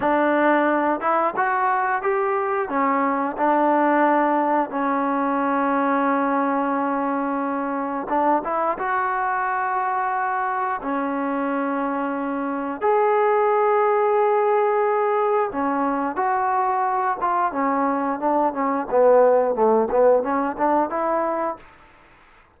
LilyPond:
\new Staff \with { instrumentName = "trombone" } { \time 4/4 \tempo 4 = 89 d'4. e'8 fis'4 g'4 | cis'4 d'2 cis'4~ | cis'1 | d'8 e'8 fis'2. |
cis'2. gis'4~ | gis'2. cis'4 | fis'4. f'8 cis'4 d'8 cis'8 | b4 a8 b8 cis'8 d'8 e'4 | }